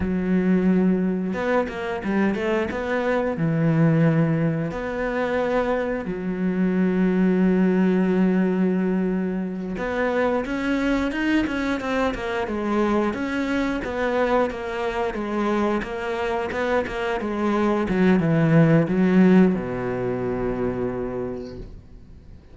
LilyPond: \new Staff \with { instrumentName = "cello" } { \time 4/4 \tempo 4 = 89 fis2 b8 ais8 g8 a8 | b4 e2 b4~ | b4 fis2.~ | fis2~ fis8 b4 cis'8~ |
cis'8 dis'8 cis'8 c'8 ais8 gis4 cis'8~ | cis'8 b4 ais4 gis4 ais8~ | ais8 b8 ais8 gis4 fis8 e4 | fis4 b,2. | }